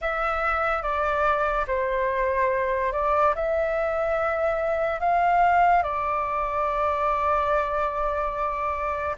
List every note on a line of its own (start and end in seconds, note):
0.01 0.82 E5
0.82 1.65 D5
1.67 2.92 C5
2.92 3.34 D5
3.35 5.00 E5
5.00 5.82 F5
5.82 9.16 D5